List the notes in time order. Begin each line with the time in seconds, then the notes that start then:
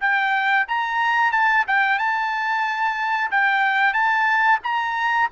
0.00 G5
0.68 A#5
1.32 A5
1.67 G5
1.99 A5
3.31 G5
3.93 A5
4.63 A#5